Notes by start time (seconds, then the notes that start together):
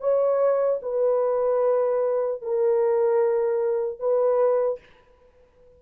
0.00 C#5
0.82 B4
2.42 A#4
3.99 B4